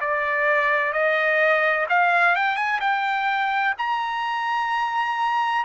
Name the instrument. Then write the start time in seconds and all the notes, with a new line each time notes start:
trumpet
0.00 D5
0.92 D#5
1.89 F5
2.35 G5
2.56 G#5
2.80 G5
3.78 A#5